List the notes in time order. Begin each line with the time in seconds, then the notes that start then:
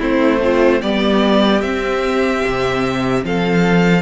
0.00 A3 C4 E4 C5
0.41 C4 F4
0.82 G3 B3 G4 D5
1.62 C4 E5
2.46 C3
3.24 F3 A4 F5